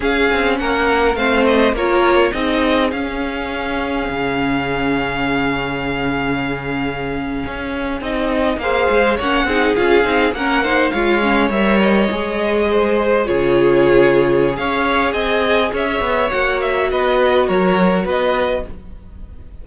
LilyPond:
<<
  \new Staff \with { instrumentName = "violin" } { \time 4/4 \tempo 4 = 103 f''4 fis''4 f''8 dis''8 cis''4 | dis''4 f''2.~ | f''1~ | f''4.~ f''16 dis''4 f''4 fis''16~ |
fis''8. f''4 fis''4 f''4 e''16~ | e''16 dis''2~ dis''8 cis''4~ cis''16~ | cis''4 f''4 gis''4 e''4 | fis''8 e''8 dis''4 cis''4 dis''4 | }
  \new Staff \with { instrumentName = "violin" } { \time 4/4 gis'4 ais'4 c''4 ais'4 | gis'1~ | gis'1~ | gis'2~ gis'8. c''4 cis''16~ |
cis''16 gis'4. ais'8 c''8 cis''4~ cis''16~ | cis''4.~ cis''16 c''4 gis'4~ gis'16~ | gis'4 cis''4 dis''4 cis''4~ | cis''4 b'4 ais'4 b'4 | }
  \new Staff \with { instrumentName = "viola" } { \time 4/4 cis'2 c'4 f'4 | dis'4 cis'2.~ | cis'1~ | cis'4.~ cis'16 dis'4 gis'4 cis'16~ |
cis'16 dis'8 f'8 dis'8 cis'8 dis'8 f'8 cis'8 ais'16~ | ais'8. gis'2 f'4~ f'16~ | f'4 gis'2. | fis'1 | }
  \new Staff \with { instrumentName = "cello" } { \time 4/4 cis'8 c'8 ais4 a4 ais4 | c'4 cis'2 cis4~ | cis1~ | cis8. cis'4 c'4 ais8 gis8 ais16~ |
ais16 c'8 cis'8 c'8 ais4 gis4 g16~ | g8. gis2 cis4~ cis16~ | cis4 cis'4 c'4 cis'8 b8 | ais4 b4 fis4 b4 | }
>>